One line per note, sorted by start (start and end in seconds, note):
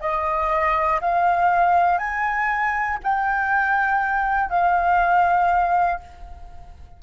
0.00 1.00 D#5
1.01 1.98 F5
1.98 2.98 G#5
3.03 4.50 G5
4.50 6.00 F5